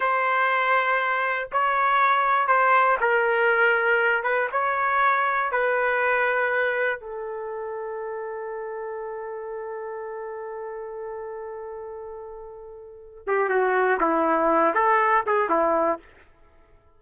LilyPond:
\new Staff \with { instrumentName = "trumpet" } { \time 4/4 \tempo 4 = 120 c''2. cis''4~ | cis''4 c''4 ais'2~ | ais'8 b'8 cis''2 b'4~ | b'2 a'2~ |
a'1~ | a'1~ | a'2~ a'8 g'8 fis'4 | e'4. a'4 gis'8 e'4 | }